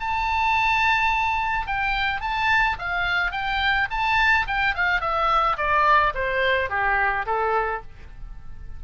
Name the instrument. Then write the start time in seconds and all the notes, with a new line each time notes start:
oboe
0.00 A5
1.67 G5
2.21 A5
2.79 F5
3.32 G5
3.90 A5
4.47 G5
4.75 F5
5.01 E5
5.57 D5
6.14 C5
6.70 G4
7.26 A4